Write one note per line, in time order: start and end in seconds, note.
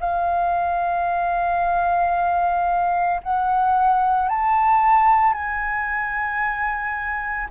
0.00 3.21 F5
3.23 4.29 F#5
4.29 5.34 A5
5.34 7.48 G#5